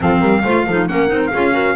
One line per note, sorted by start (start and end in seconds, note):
0.00 0.21 F3
0.00 0.43 C4
0.00 0.20 A4
0.00 0.88 F5
0.20 0.43 G3
0.20 0.42 A#4
0.44 0.66 A3
0.44 0.68 F4
0.44 0.66 C5
0.66 0.88 F3
0.66 0.88 D#4
0.66 0.88 A4
0.88 1.10 A#3
0.88 1.07 C#4
0.88 1.32 A#4
0.88 1.21 F#5
1.07 1.32 C4
1.07 1.29 D#4
1.26 1.75 F5
1.32 1.75 C#4
1.32 1.51 F4
1.32 1.54 G#4
1.51 1.73 F#4
1.51 1.75 A#4